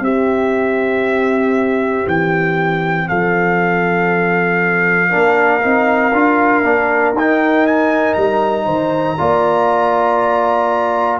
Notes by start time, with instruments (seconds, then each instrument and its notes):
0.00 tuba C4, trombone C4, horn G4, trumpet E5
2.07 tuba E3, trumpet G5
3.08 tuba F3, horn A4, trumpet F5
5.10 tuba A#3, trombone D4, horn A#4
5.61 tuba C4, trombone D#4
6.12 tuba D4, trombone F4
6.63 tuba A#3, trombone D4
7.12 tuba D#4, trumpet G5
7.19 trombone D#4
7.67 trumpet G#5
8.14 tuba G3, trumpet A#5
8.65 tuba D#3, horn C5
9.18 tuba A#3, trombone F4, horn D5